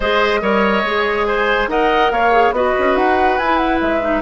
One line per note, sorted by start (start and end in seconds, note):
0.00 0.41 G#3
0.00 0.41 G#4
0.00 0.40 C5
0.00 1.25 D#5
0.41 0.83 G3
0.41 0.83 A#4
0.41 1.27 C#5
0.83 1.67 G#3
0.83 1.69 G#4
1.25 1.69 C5
1.25 1.67 G#5
1.67 2.09 D#4
1.67 2.32 A#4
1.67 2.12 D#5
1.67 2.11 F#5
2.11 2.51 A#3
2.11 2.54 C#5
2.11 2.53 F5
2.32 2.53 G#4
2.51 2.72 B3
2.51 3.39 F#4
2.51 4.21 B4
2.51 2.96 D#5
2.78 2.96 C#4
2.96 3.38 D#4
2.96 3.37 F#5
3.37 3.80 E4
3.37 4.01 E4
3.37 3.57 G#5
3.57 3.78 F#5
3.80 4.21 G#3
3.80 4.21 E5
4.01 4.21 D#4